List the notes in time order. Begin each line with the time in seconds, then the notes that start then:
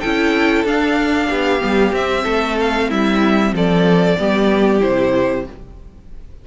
0.00 C#4 E4 A4 G5
0.65 D4 F5
1.29 B3 G4
1.60 G3 B3
1.93 C4 E5
2.24 A3 A4
2.61 F5
2.89 G3 E4 E5
3.53 F3 A4 D5
4.18 G3 B3 G4
4.81 C3 E4 C5